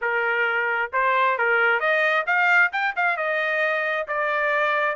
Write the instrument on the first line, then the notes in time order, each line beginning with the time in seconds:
trumpet
0.01 A#4
0.92 C5
1.38 A#4
1.80 D#5
2.26 F5
2.72 G5
2.96 F5
3.16 D#5
4.07 D5